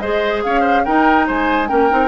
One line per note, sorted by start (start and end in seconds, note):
0.00 0.45 G#3
0.00 0.86 G#4
0.00 0.44 C5
0.00 0.42 D#5
0.43 0.87 C#4
0.43 0.61 C#5
0.43 0.85 F5
0.61 0.82 C5
0.85 1.68 D#4
0.85 1.30 D#4
0.85 1.27 A#4
0.85 1.27 G5
1.27 1.71 G#3
1.27 1.69 C5
1.27 1.68 G#5
1.68 1.92 A#3
1.68 1.89 C#4
1.68 2.08 A#4
1.68 2.08 G5
1.90 2.08 C4
1.90 2.08 D#4